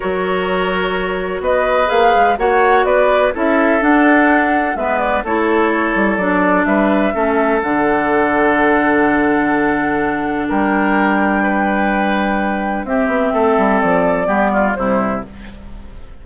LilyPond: <<
  \new Staff \with { instrumentName = "flute" } { \time 4/4 \tempo 4 = 126 cis''2. dis''4 | f''4 fis''4 d''4 e''4 | fis''2 e''8 d''8 cis''4~ | cis''4 d''4 e''2 |
fis''1~ | fis''2 g''2~ | g''2. e''4~ | e''4 d''2 c''4 | }
  \new Staff \with { instrumentName = "oboe" } { \time 4/4 ais'2. b'4~ | b'4 cis''4 b'4 a'4~ | a'2 b'4 a'4~ | a'2 b'4 a'4~ |
a'1~ | a'2 ais'2 | b'2. g'4 | a'2 g'8 f'8 e'4 | }
  \new Staff \with { instrumentName = "clarinet" } { \time 4/4 fis'1 | gis'4 fis'2 e'4 | d'2 b4 e'4~ | e'4 d'2 cis'4 |
d'1~ | d'1~ | d'2. c'4~ | c'2 b4 g4 | }
  \new Staff \with { instrumentName = "bassoon" } { \time 4/4 fis2. b4 | ais8 gis8 ais4 b4 cis'4 | d'2 gis4 a4~ | a8 g8 fis4 g4 a4 |
d1~ | d2 g2~ | g2. c'8 b8 | a8 g8 f4 g4 c4 | }
>>